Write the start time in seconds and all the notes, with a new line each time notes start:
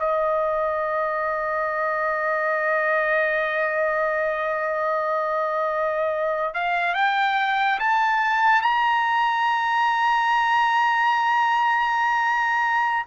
0.00 D#5
6.55 F5
6.95 G5
7.80 A5
8.62 A#5